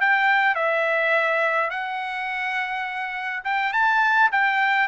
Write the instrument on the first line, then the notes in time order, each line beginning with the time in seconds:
trumpet
0.00 G5
0.55 E5
1.70 F#5
3.44 G5
3.73 A5
4.32 G5